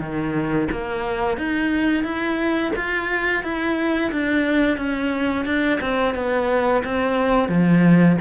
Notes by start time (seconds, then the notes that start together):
0.00 D#3
0.72 A#3
1.38 D#4
2.04 E4
2.76 F4
3.43 E4
4.12 D4
4.78 C#4
5.46 D4
5.81 C4
6.15 B3
6.85 C4
7.49 F3